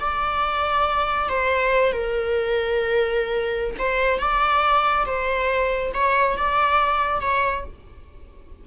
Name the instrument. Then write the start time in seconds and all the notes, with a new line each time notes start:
viola
0.00 D5
1.29 C5
1.92 A#4
3.78 C5
4.19 D5
5.06 C5
5.94 C#5
6.37 D5
7.21 C#5